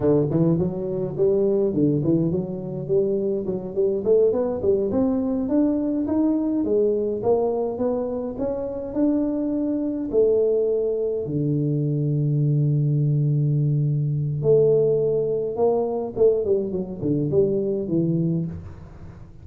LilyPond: \new Staff \with { instrumentName = "tuba" } { \time 4/4 \tempo 4 = 104 d8 e8 fis4 g4 d8 e8 | fis4 g4 fis8 g8 a8 b8 | g8 c'4 d'4 dis'4 gis8~ | gis8 ais4 b4 cis'4 d'8~ |
d'4. a2 d8~ | d1~ | d4 a2 ais4 | a8 g8 fis8 d8 g4 e4 | }